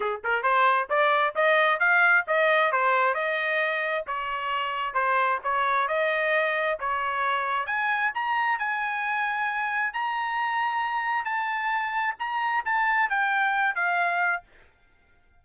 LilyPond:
\new Staff \with { instrumentName = "trumpet" } { \time 4/4 \tempo 4 = 133 gis'8 ais'8 c''4 d''4 dis''4 | f''4 dis''4 c''4 dis''4~ | dis''4 cis''2 c''4 | cis''4 dis''2 cis''4~ |
cis''4 gis''4 ais''4 gis''4~ | gis''2 ais''2~ | ais''4 a''2 ais''4 | a''4 g''4. f''4. | }